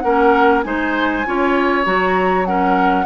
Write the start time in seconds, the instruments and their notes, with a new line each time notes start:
0.00 bassoon A#3, clarinet C#4, oboe A#4, flute F#5
0.62 bassoon G#3, clarinet D#4, oboe C5, flute G#5
1.26 bassoon C#4, clarinet F4, oboe C#5
1.84 bassoon F#3, clarinet F#4, flute A#5
2.45 clarinet C#4, oboe A#4, flute F#5